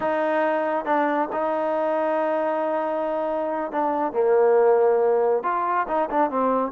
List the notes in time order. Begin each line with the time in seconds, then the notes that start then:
0.00 D#4
0.85 D4
1.32 D#4
3.71 D4
4.12 A#3
5.43 F4
5.87 D#4
6.09 D4
6.30 C4